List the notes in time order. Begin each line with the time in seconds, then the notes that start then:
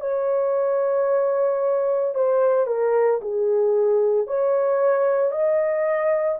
0.00 C#5
2.14 C5
2.66 A#4
3.21 G#4
4.27 C#5
5.31 D#5